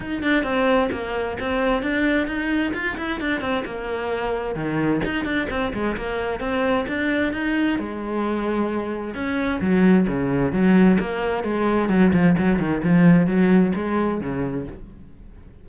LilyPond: \new Staff \with { instrumentName = "cello" } { \time 4/4 \tempo 4 = 131 dis'8 d'8 c'4 ais4 c'4 | d'4 dis'4 f'8 e'8 d'8 c'8 | ais2 dis4 dis'8 d'8 | c'8 gis8 ais4 c'4 d'4 |
dis'4 gis2. | cis'4 fis4 cis4 fis4 | ais4 gis4 fis8 f8 fis8 dis8 | f4 fis4 gis4 cis4 | }